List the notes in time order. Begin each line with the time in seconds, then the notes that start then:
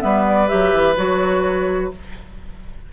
0.00 G3 B3 B4 E5
0.28 D5
0.48 F#3 G4 E5
0.73 E3
0.96 F#3 F#4 C#5